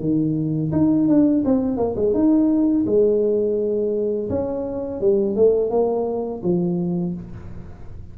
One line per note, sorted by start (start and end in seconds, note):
0.00 0.71 D#3
0.72 1.08 D#4
1.08 1.44 D4
1.45 1.77 C4
1.77 1.95 A#3
1.96 2.14 G#3
2.14 2.85 D#4
2.86 4.29 G#3
4.30 5.01 C#4
5.01 5.36 G3
5.36 5.70 A3
5.70 6.42 A#3
6.43 7.15 F3